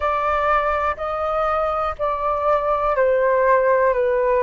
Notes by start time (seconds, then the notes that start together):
0.00 D5
0.97 D#5
1.98 D5
2.96 C5
3.93 B4